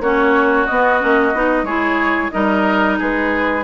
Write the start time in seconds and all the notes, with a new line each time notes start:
0.00 A#3 C#4 F#4 C#5
0.67 B3 D#5
1.00 A#3 C#4
1.34 B3 D#4
1.63 G#3 E4 G#4 C#5
2.31 G3 D#4 A#4 D#5
2.98 G#3 G#4 B4